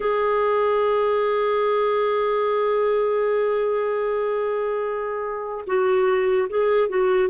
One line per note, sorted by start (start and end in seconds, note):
0.00 5.65 G#4
5.66 6.48 F#4
6.49 6.88 G#4
6.88 7.29 F#4